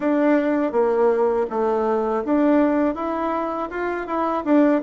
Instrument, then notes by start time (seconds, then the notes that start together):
bassoon
0.00 D4
0.72 A#3
1.50 A3
2.24 D4
2.94 E4
3.70 F4
4.06 E4
4.44 D4